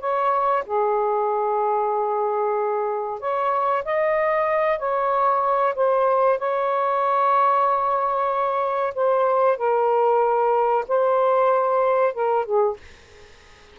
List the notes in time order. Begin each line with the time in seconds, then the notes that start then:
0.00 C#5
0.66 G#4
3.20 C#5
3.85 D#5
4.79 C#5
5.75 C5
6.38 C#5
8.95 C5
9.57 A#4
10.88 C5
12.14 A#4
12.45 G#4